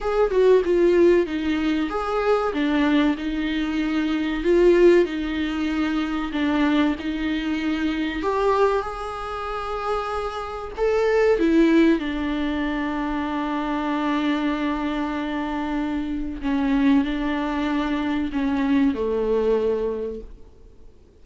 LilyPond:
\new Staff \with { instrumentName = "viola" } { \time 4/4 \tempo 4 = 95 gis'8 fis'8 f'4 dis'4 gis'4 | d'4 dis'2 f'4 | dis'2 d'4 dis'4~ | dis'4 g'4 gis'2~ |
gis'4 a'4 e'4 d'4~ | d'1~ | d'2 cis'4 d'4~ | d'4 cis'4 a2 | }